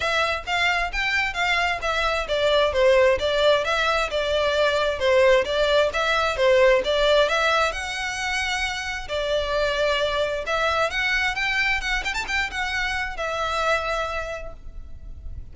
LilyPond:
\new Staff \with { instrumentName = "violin" } { \time 4/4 \tempo 4 = 132 e''4 f''4 g''4 f''4 | e''4 d''4 c''4 d''4 | e''4 d''2 c''4 | d''4 e''4 c''4 d''4 |
e''4 fis''2. | d''2. e''4 | fis''4 g''4 fis''8 g''16 a''16 g''8 fis''8~ | fis''4 e''2. | }